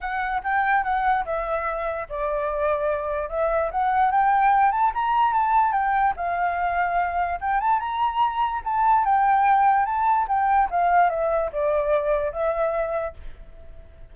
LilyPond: \new Staff \with { instrumentName = "flute" } { \time 4/4 \tempo 4 = 146 fis''4 g''4 fis''4 e''4~ | e''4 d''2. | e''4 fis''4 g''4. a''8 | ais''4 a''4 g''4 f''4~ |
f''2 g''8 a''8 ais''4~ | ais''4 a''4 g''2 | a''4 g''4 f''4 e''4 | d''2 e''2 | }